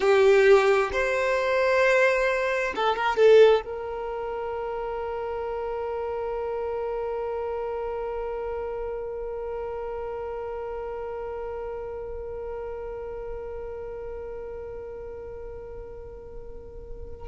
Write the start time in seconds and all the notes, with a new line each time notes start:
0.00 G4
0.92 C5
2.75 A4
2.95 A#4
3.16 A4
3.64 A#4